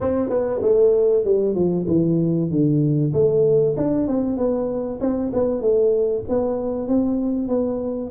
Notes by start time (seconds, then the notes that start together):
0.00 C4
0.29 B3
0.61 A3
1.24 G3
1.54 F3
1.88 E3
2.50 D3
3.12 A3
3.76 D4
4.07 C4
4.37 B3
5.00 C4
5.33 B3
5.61 A3
6.28 B3
6.88 C4
7.48 B3